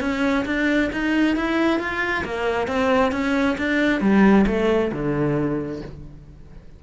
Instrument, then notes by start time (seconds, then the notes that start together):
cello
0.00 C#4
0.45 D4
0.92 D#4
1.36 E4
1.79 F4
2.24 A#3
2.67 C4
3.12 C#4
3.57 D4
4.00 G3
4.46 A3
4.92 D3